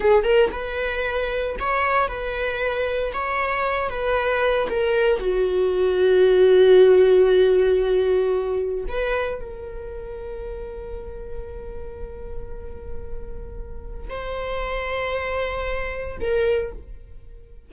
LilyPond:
\new Staff \with { instrumentName = "viola" } { \time 4/4 \tempo 4 = 115 gis'8 ais'8 b'2 cis''4 | b'2 cis''4. b'8~ | b'4 ais'4 fis'2~ | fis'1~ |
fis'4 b'4 ais'2~ | ais'1~ | ais'2. c''4~ | c''2. ais'4 | }